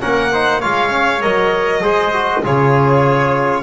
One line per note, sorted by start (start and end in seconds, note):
0.00 0.64 A#3
0.00 0.30 C#4
0.00 0.32 A#4
0.00 0.61 F#5
0.32 0.62 D#4
0.32 0.60 C5
0.60 1.24 G#3
0.60 0.89 F4
0.60 1.81 C#5
0.60 1.22 F5
0.89 1.19 C#4
1.21 1.83 F#3
1.21 1.81 A#4
1.21 2.43 D#5
1.81 2.44 G#3
1.81 2.12 G#4
1.81 2.44 C5
2.12 2.43 F#4
2.43 3.63 C#3
2.43 3.63 F4
2.43 3.63 G#4
2.43 3.63 C#5